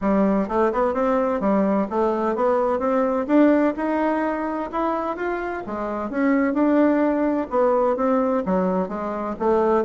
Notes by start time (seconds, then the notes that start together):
0.01 G3
0.48 A3
0.72 B3
0.94 C4
1.40 G3
1.89 A3
2.35 B3
2.79 C4
3.27 D4
3.76 D#4
4.72 E4
5.16 F4
5.66 G#3
6.10 C#4
6.53 D4
7.50 B3
7.96 C4
8.45 F#3
8.88 G#3
9.39 A3